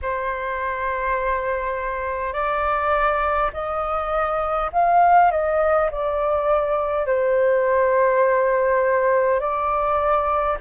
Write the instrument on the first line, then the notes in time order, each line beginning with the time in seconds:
flute
0.02 C5
2.33 D5
3.53 D#5
4.72 F5
5.31 D#5
5.91 D5
7.06 C5
9.40 D5